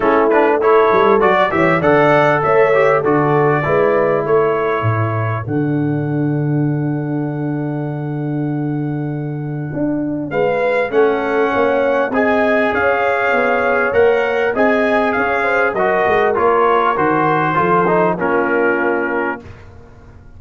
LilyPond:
<<
  \new Staff \with { instrumentName = "trumpet" } { \time 4/4 \tempo 4 = 99 a'8 b'8 cis''4 d''8 e''8 fis''4 | e''4 d''2 cis''4~ | cis''4 fis''2.~ | fis''1~ |
fis''4 f''4 fis''2 | gis''4 f''2 fis''4 | gis''4 f''4 dis''4 cis''4 | c''2 ais'2 | }
  \new Staff \with { instrumentName = "horn" } { \time 4/4 e'4 a'4~ a'16 d''16 cis''8 d''4 | cis''4 a'4 b'4 a'4~ | a'1~ | a'1~ |
a'4 b'4 a'4 cis''4 | dis''4 cis''2. | dis''4 cis''8 c''8 ais'2~ | ais'4 a'4 f'2 | }
  \new Staff \with { instrumentName = "trombone" } { \time 4/4 cis'8 d'8 e'4 fis'8 g'8 a'4~ | a'8 g'8 fis'4 e'2~ | e'4 d'2.~ | d'1~ |
d'2 cis'2 | gis'2. ais'4 | gis'2 fis'4 f'4 | fis'4 f'8 dis'8 cis'2 | }
  \new Staff \with { instrumentName = "tuba" } { \time 4/4 a4. g8 fis8 e8 d4 | a4 d4 gis4 a4 | a,4 d2.~ | d1 |
d'4 gis4 a4 ais4 | c'4 cis'4 b4 ais4 | c'4 cis'4 fis8 gis8 ais4 | dis4 f4 ais2 | }
>>